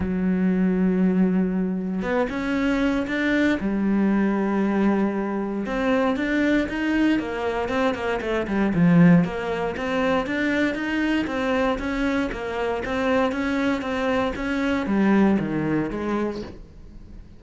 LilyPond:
\new Staff \with { instrumentName = "cello" } { \time 4/4 \tempo 4 = 117 fis1 | b8 cis'4. d'4 g4~ | g2. c'4 | d'4 dis'4 ais4 c'8 ais8 |
a8 g8 f4 ais4 c'4 | d'4 dis'4 c'4 cis'4 | ais4 c'4 cis'4 c'4 | cis'4 g4 dis4 gis4 | }